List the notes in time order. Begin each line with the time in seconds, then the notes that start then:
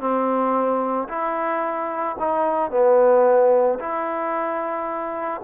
0.00 C4
1.09 E4
2.19 D#4
2.71 B3
3.79 E4